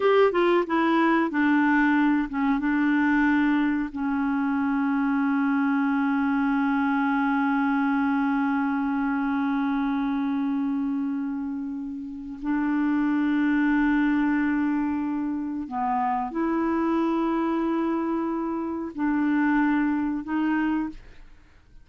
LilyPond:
\new Staff \with { instrumentName = "clarinet" } { \time 4/4 \tempo 4 = 92 g'8 f'8 e'4 d'4. cis'8 | d'2 cis'2~ | cis'1~ | cis'1~ |
cis'2. d'4~ | d'1 | b4 e'2.~ | e'4 d'2 dis'4 | }